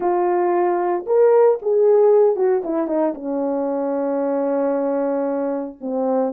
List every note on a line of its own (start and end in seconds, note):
0.00 1.04 F4
1.06 1.59 A#4
1.62 2.35 G#4
2.35 2.62 F#4
2.64 2.87 E4
2.87 3.13 D#4
3.14 5.77 C#4
5.81 6.33 C4